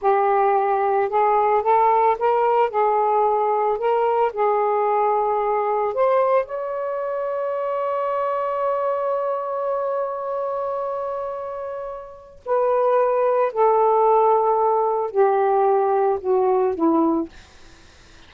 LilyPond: \new Staff \with { instrumentName = "saxophone" } { \time 4/4 \tempo 4 = 111 g'2 gis'4 a'4 | ais'4 gis'2 ais'4 | gis'2. c''4 | cis''1~ |
cis''1~ | cis''2. b'4~ | b'4 a'2. | g'2 fis'4 e'4 | }